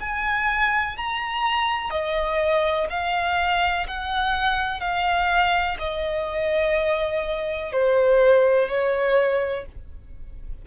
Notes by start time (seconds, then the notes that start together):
0.00 G#5
0.97 A#5
1.90 D#5
2.90 F5
3.87 F#5
4.80 F5
5.79 D#5
7.72 C5
8.68 C#5